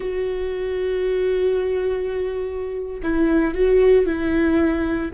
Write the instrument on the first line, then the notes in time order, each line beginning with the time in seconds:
viola
0.00 F#4
3.02 E4
3.54 F#4
4.06 E4